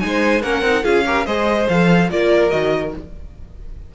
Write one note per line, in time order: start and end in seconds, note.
0.00 0.44 G#3
0.00 0.41 D#4
0.00 0.42 G#5
0.07 0.43 C5
0.43 0.62 A#3
0.43 0.65 C#4
0.43 0.84 A#4
0.43 0.85 F#5
0.62 0.82 C4
0.62 0.85 D#4
0.84 1.27 C#4
0.84 1.05 F4
0.84 1.05 G#4
0.84 1.26 F5
1.06 1.27 G4
1.06 1.27 A#4
1.26 1.68 G#3
1.26 1.69 G#4
1.26 2.09 C5
1.26 1.68 D#5
1.69 2.11 F3
1.69 2.11 A4
1.69 2.11 F5
2.11 2.52 A#3
2.11 2.51 F4
2.11 2.95 A#4
2.11 2.51 D5
2.51 2.94 D#3
2.51 2.92 F#4
2.51 2.92 D#5